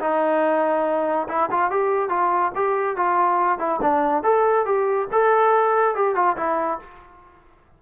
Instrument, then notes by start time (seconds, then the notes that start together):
trombone
0.00 D#4
1.28 E4
1.51 F4
1.71 G4
2.09 F4
2.55 G4
2.97 F4
3.59 E4
3.82 D4
4.23 A4
4.66 G4
5.12 A4
5.95 G4
6.15 F4
6.37 E4